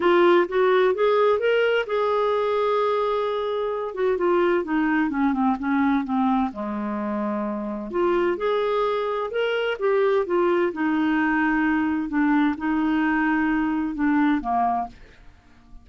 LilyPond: \new Staff \with { instrumentName = "clarinet" } { \time 4/4 \tempo 4 = 129 f'4 fis'4 gis'4 ais'4 | gis'1~ | gis'8 fis'8 f'4 dis'4 cis'8 c'8 | cis'4 c'4 gis2~ |
gis4 f'4 gis'2 | ais'4 g'4 f'4 dis'4~ | dis'2 d'4 dis'4~ | dis'2 d'4 ais4 | }